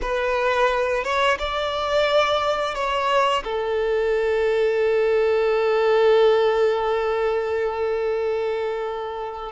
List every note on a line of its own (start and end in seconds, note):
0.01 1.04 B4
1.04 1.38 C#5
1.38 2.75 D5
2.75 3.43 C#5
3.44 9.52 A4